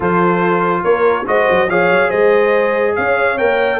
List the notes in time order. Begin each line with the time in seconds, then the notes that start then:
0.00 F3 F4 A4 C5
0.83 A#3 A#4 C#5
1.25 G#3 F#4 C5 D#5
1.49 F#3
1.69 F3 G#4 C#5 F5
1.90 F#3
2.08 G#3 C5 D#5
2.95 C#4 C#5 F5
3.38 A#3 A#4 G5